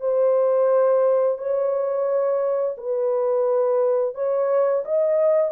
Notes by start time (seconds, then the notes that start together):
0.00 C5
1.38 C#5
2.77 B4
4.14 C#5
4.85 D#5